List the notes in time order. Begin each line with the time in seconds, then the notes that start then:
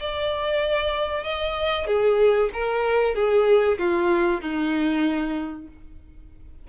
0.00 D5
1.24 D#5
1.87 G#4
2.53 A#4
3.15 G#4
3.79 F4
4.42 D#4